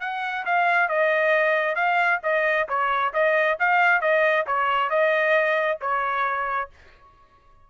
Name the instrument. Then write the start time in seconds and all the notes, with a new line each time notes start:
trumpet
0.00 F#5
0.45 F5
0.88 D#5
1.75 F5
2.23 D#5
2.68 C#5
3.13 D#5
3.59 F5
4.01 D#5
4.46 C#5
4.89 D#5
5.81 C#5